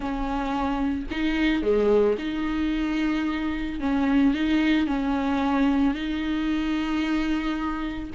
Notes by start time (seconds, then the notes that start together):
0.00 C#4
1.10 D#4
1.62 G#3
2.18 D#4
3.80 C#4
4.34 D#4
4.86 C#4
5.94 D#4